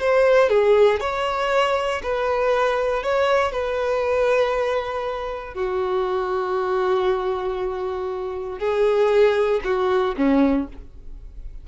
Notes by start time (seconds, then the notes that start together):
0.00 C5
0.50 G#4
1.01 C#5
2.03 B4
3.03 C#5
3.52 B4
5.55 F#4
8.59 G#4
9.65 F#4
10.17 C#4